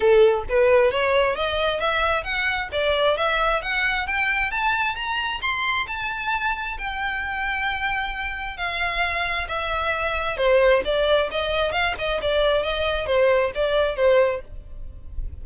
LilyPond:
\new Staff \with { instrumentName = "violin" } { \time 4/4 \tempo 4 = 133 a'4 b'4 cis''4 dis''4 | e''4 fis''4 d''4 e''4 | fis''4 g''4 a''4 ais''4 | c'''4 a''2 g''4~ |
g''2. f''4~ | f''4 e''2 c''4 | d''4 dis''4 f''8 dis''8 d''4 | dis''4 c''4 d''4 c''4 | }